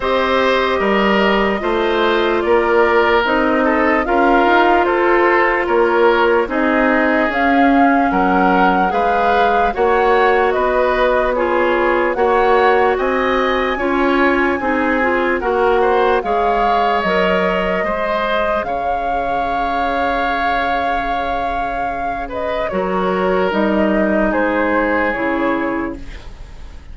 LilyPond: <<
  \new Staff \with { instrumentName = "flute" } { \time 4/4 \tempo 4 = 74 dis''2. d''4 | dis''4 f''4 c''4 cis''4 | dis''4 f''4 fis''4 f''4 | fis''4 dis''4 cis''4 fis''4 |
gis''2. fis''4 | f''4 dis''2 f''4~ | f''2.~ f''8 dis''8 | cis''4 dis''4 c''4 cis''4 | }
  \new Staff \with { instrumentName = "oboe" } { \time 4/4 c''4 ais'4 c''4 ais'4~ | ais'8 a'8 ais'4 a'4 ais'4 | gis'2 ais'4 b'4 | cis''4 b'4 gis'4 cis''4 |
dis''4 cis''4 gis'4 ais'8 c''8 | cis''2 c''4 cis''4~ | cis''2.~ cis''8 b'8 | ais'2 gis'2 | }
  \new Staff \with { instrumentName = "clarinet" } { \time 4/4 g'2 f'2 | dis'4 f'2. | dis'4 cis'2 gis'4 | fis'2 f'4 fis'4~ |
fis'4 f'4 dis'8 f'8 fis'4 | gis'4 ais'4 gis'2~ | gis'1 | fis'4 dis'2 e'4 | }
  \new Staff \with { instrumentName = "bassoon" } { \time 4/4 c'4 g4 a4 ais4 | c'4 cis'8 dis'8 f'4 ais4 | c'4 cis'4 fis4 gis4 | ais4 b2 ais4 |
c'4 cis'4 c'4 ais4 | gis4 fis4 gis4 cis4~ | cis1 | fis4 g4 gis4 cis4 | }
>>